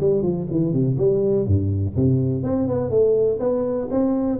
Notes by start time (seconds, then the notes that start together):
0.00 G3
0.22 F3
0.51 E3
0.73 C3
0.98 G3
1.47 G2
1.96 C3
2.43 C4
2.68 B3
2.90 A3
3.39 B3
3.91 C4